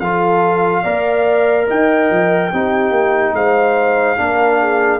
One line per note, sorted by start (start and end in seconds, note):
0.00 0.83 F3
0.00 0.84 F4
0.00 0.83 A4
0.00 1.67 F5
0.83 1.67 A#3
0.83 2.51 A#4
0.83 1.66 D5
1.66 2.10 D#4
1.66 2.50 D#5
1.66 3.35 G5
2.10 2.51 F3
2.51 2.90 C4
2.51 4.17 D#4
2.51 3.35 G4
2.90 3.32 A#3
3.33 4.16 G#3
3.33 4.18 C5
3.33 5.00 F5
4.17 5.00 A#3
4.17 5.00 D4
4.17 4.60 A#4
4.60 5.00 G#4